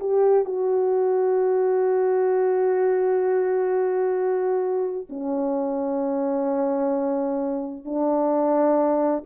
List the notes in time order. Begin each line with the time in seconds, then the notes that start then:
0.00 G4
0.45 F#4
5.09 C#4
7.85 D4